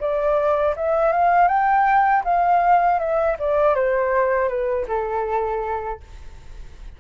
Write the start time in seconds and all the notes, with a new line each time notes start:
0.00 D5
0.76 E5
1.12 F5
1.48 G5
2.24 F5
2.99 E5
3.39 D5
3.75 C5
4.48 B4
4.88 A4